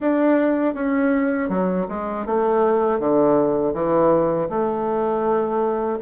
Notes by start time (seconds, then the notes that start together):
0.00 D4
0.74 C#4
1.49 F#3
1.88 G#3
2.25 A3
2.99 D3
3.73 E3
4.49 A3